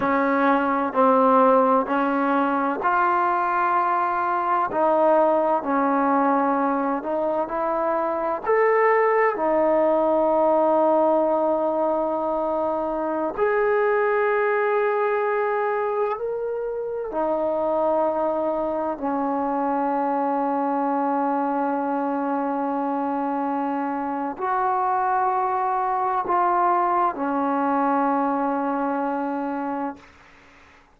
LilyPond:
\new Staff \with { instrumentName = "trombone" } { \time 4/4 \tempo 4 = 64 cis'4 c'4 cis'4 f'4~ | f'4 dis'4 cis'4. dis'8 | e'4 a'4 dis'2~ | dis'2~ dis'16 gis'4.~ gis'16~ |
gis'4~ gis'16 ais'4 dis'4.~ dis'16~ | dis'16 cis'2.~ cis'8.~ | cis'2 fis'2 | f'4 cis'2. | }